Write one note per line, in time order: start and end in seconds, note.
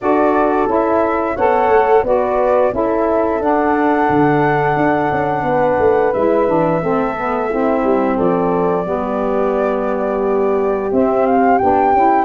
0.00 0.67 D4
0.00 0.67 F#4
0.00 1.35 A4
0.00 0.68 D5
0.67 1.36 C#4
0.67 1.35 E4
0.67 1.36 E5
1.35 1.68 B3
1.35 2.05 A4
1.35 2.03 C#5
1.35 2.04 F#5
1.68 2.02 A3
2.02 2.71 B3
2.02 2.72 F#4
2.02 2.74 B4
2.02 2.73 D5
2.72 3.40 C#4
2.72 3.40 E4
2.72 5.46 A4
2.72 3.42 E5
3.40 4.08 D4
3.40 6.13 D4
3.40 6.13 F#5
4.09 4.76 D3
4.76 5.10 D4
5.11 5.42 C#4
5.42 5.76 B3
5.42 6.83 B4
5.78 6.12 A3
6.13 6.48 G#3
6.13 6.47 E4
6.13 8.17 E5
6.47 6.82 E3
6.47 6.81 D4
6.81 7.83 A3
6.81 7.15 C4
6.81 7.50 A4
7.16 7.50 B3
7.50 8.85 C4
7.50 8.16 E4
7.83 8.17 G3
8.16 8.86 F3
8.16 8.84 A4
8.16 10.91 D5
8.85 10.90 G3
8.85 10.89 B3
8.85 12.24 G4
10.91 11.59 C4
10.91 11.60 C4
10.91 11.26 E5
11.26 11.58 F5
11.58 11.93 B3
11.58 11.94 D4
11.58 12.24 G5
11.93 12.24 C#4
11.93 12.24 E4